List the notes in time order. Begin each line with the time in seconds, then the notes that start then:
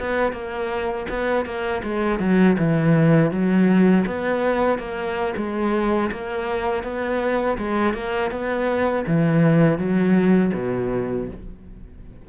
0.00 B3
0.32 A#3
1.09 B3
1.45 A#3
1.84 G#3
2.20 F#3
2.58 E3
3.31 F#3
4.06 B3
4.79 A#3
5.37 G#3
6.11 A#3
6.84 B3
7.58 G#3
7.94 A#3
8.31 B3
9.07 E3
9.78 F#3
10.54 B2